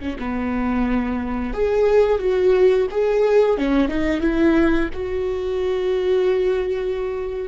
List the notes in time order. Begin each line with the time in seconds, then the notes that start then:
0.00 C#4
0.19 B3
1.54 G#4
2.19 F#4
2.91 G#4
3.58 C#4
3.89 D#4
4.21 E4
4.94 F#4